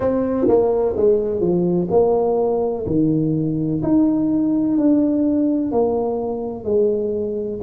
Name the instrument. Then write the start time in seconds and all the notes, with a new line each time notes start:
tuba
0.00 C4
0.48 A#3
0.96 G#3
1.40 F3
1.90 A#3
2.86 D#3
3.83 D#4
4.77 D4
5.71 A#3
6.64 G#3